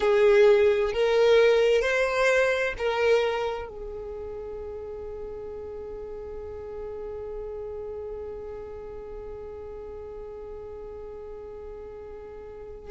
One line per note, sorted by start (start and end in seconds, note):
0.00 0.92 G#4
0.92 1.81 A#4
1.81 2.74 C5
2.78 3.68 A#4
3.68 12.90 G#4